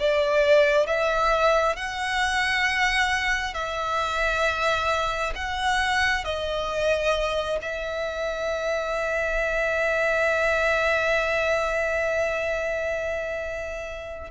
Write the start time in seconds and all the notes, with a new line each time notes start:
0.00 D5
0.87 E5
1.76 F#5
3.54 E5
5.35 F#5
6.24 D#5
7.62 E5